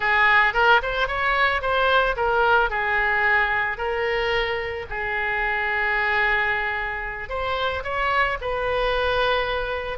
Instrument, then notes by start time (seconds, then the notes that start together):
oboe
0.00 G#4
0.53 A#4
0.82 C5
1.07 C#5
1.61 C5
2.16 A#4
2.70 G#4
3.77 A#4
4.89 G#4
7.29 C5
7.83 C#5
8.41 B4